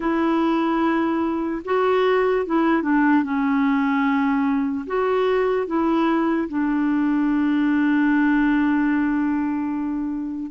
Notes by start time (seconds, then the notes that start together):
0.00 E4
1.64 F#4
2.45 E4
2.82 D4
3.23 C#4
4.86 F#4
5.66 E4
6.48 D4